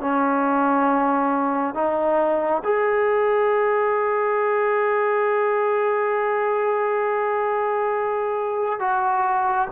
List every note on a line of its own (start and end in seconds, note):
0.00 1.74 C#4
1.74 2.62 D#4
2.64 8.79 G#4
8.79 9.67 F#4